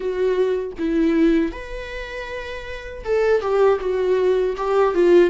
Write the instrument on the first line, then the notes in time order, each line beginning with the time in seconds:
viola
0.00 F#4
0.78 E4
1.52 B4
3.04 A4
3.41 G4
3.80 F#4
4.56 G4
4.94 F4